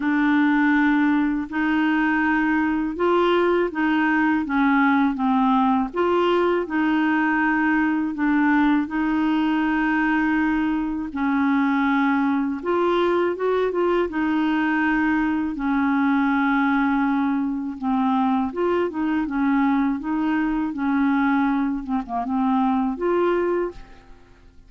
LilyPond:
\new Staff \with { instrumentName = "clarinet" } { \time 4/4 \tempo 4 = 81 d'2 dis'2 | f'4 dis'4 cis'4 c'4 | f'4 dis'2 d'4 | dis'2. cis'4~ |
cis'4 f'4 fis'8 f'8 dis'4~ | dis'4 cis'2. | c'4 f'8 dis'8 cis'4 dis'4 | cis'4. c'16 ais16 c'4 f'4 | }